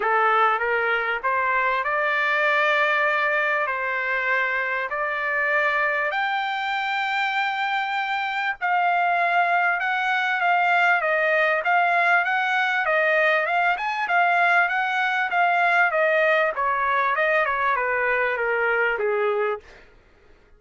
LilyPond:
\new Staff \with { instrumentName = "trumpet" } { \time 4/4 \tempo 4 = 98 a'4 ais'4 c''4 d''4~ | d''2 c''2 | d''2 g''2~ | g''2 f''2 |
fis''4 f''4 dis''4 f''4 | fis''4 dis''4 f''8 gis''8 f''4 | fis''4 f''4 dis''4 cis''4 | dis''8 cis''8 b'4 ais'4 gis'4 | }